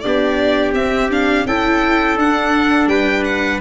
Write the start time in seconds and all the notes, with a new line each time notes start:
0.00 B3 D4 G4 D5
0.73 C4 E5
1.10 D4 F5
1.45 C#4 E4 A4 G5
2.17 D4 F#5
2.86 G3 B4 G5
3.24 F#5